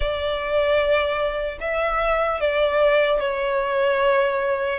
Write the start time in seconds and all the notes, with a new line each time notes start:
0.00 D5
1.60 E5
2.40 D5
3.20 C#5